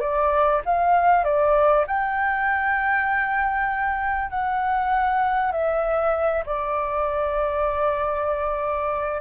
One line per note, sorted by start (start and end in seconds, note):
0.00 0.61 D5
0.65 1.24 F5
1.24 1.85 D5
1.87 4.30 G5
4.30 5.52 F#5
5.52 6.43 E5
6.46 9.21 D5